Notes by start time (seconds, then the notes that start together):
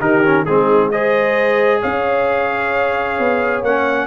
0.00 D#3 D#4 G4 A#4
0.24 C#4
0.45 G#3 C4 D#4 G#4
0.91 G#4 C5 D#5
1.81 C#4 C#5 F5
3.19 B3
3.62 A#3 C#4 F#5